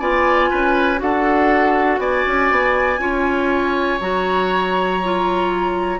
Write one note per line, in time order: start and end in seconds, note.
0.00 0.50 B3
0.00 0.97 F4
0.00 0.50 D5
0.00 1.00 G#5
0.50 1.01 C#4
0.50 1.00 B4
0.97 1.99 D4
0.97 2.97 F#4
0.97 2.01 A4
0.97 1.99 F#5
1.99 2.24 B3
1.99 3.01 D5
1.99 3.99 G#5
2.26 2.51 C#4
2.51 2.98 B3
2.98 3.98 C#4
2.98 3.99 F4
2.98 6.00 C#5
4.01 6.00 F#3
4.01 5.01 F#4
4.01 6.00 A#5
5.04 6.00 F4